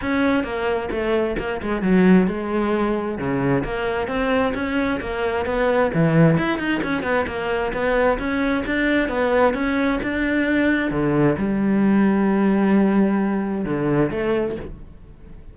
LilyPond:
\new Staff \with { instrumentName = "cello" } { \time 4/4 \tempo 4 = 132 cis'4 ais4 a4 ais8 gis8 | fis4 gis2 cis4 | ais4 c'4 cis'4 ais4 | b4 e4 e'8 dis'8 cis'8 b8 |
ais4 b4 cis'4 d'4 | b4 cis'4 d'2 | d4 g2.~ | g2 d4 a4 | }